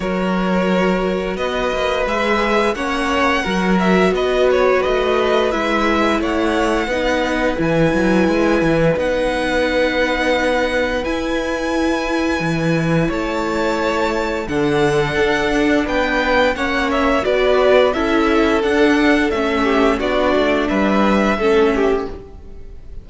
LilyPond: <<
  \new Staff \with { instrumentName = "violin" } { \time 4/4 \tempo 4 = 87 cis''2 dis''4 e''4 | fis''4. e''8 dis''8 cis''8 dis''4 | e''4 fis''2 gis''4~ | gis''4 fis''2. |
gis''2. a''4~ | a''4 fis''2 g''4 | fis''8 e''8 d''4 e''4 fis''4 | e''4 d''4 e''2 | }
  \new Staff \with { instrumentName = "violin" } { \time 4/4 ais'2 b'2 | cis''4 ais'4 b'2~ | b'4 cis''4 b'2~ | b'1~ |
b'2. cis''4~ | cis''4 a'2 b'4 | cis''4 b'4 a'2~ | a'8 g'8 fis'4 b'4 a'8 g'8 | }
  \new Staff \with { instrumentName = "viola" } { \time 4/4 fis'2. gis'4 | cis'4 fis'2. | e'2 dis'4 e'4~ | e'4 dis'2. |
e'1~ | e'4 d'2. | cis'4 fis'4 e'4 d'4 | cis'4 d'2 cis'4 | }
  \new Staff \with { instrumentName = "cello" } { \time 4/4 fis2 b8 ais8 gis4 | ais4 fis4 b4 a4 | gis4 a4 b4 e8 fis8 | gis8 e8 b2. |
e'2 e4 a4~ | a4 d4 d'4 b4 | ais4 b4 cis'4 d'4 | a4 b8 a8 g4 a4 | }
>>